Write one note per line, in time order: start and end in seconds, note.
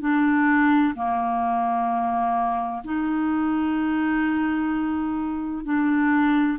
0.00 0.94 D4
0.95 2.82 A#3
2.84 5.64 D#4
5.64 6.58 D4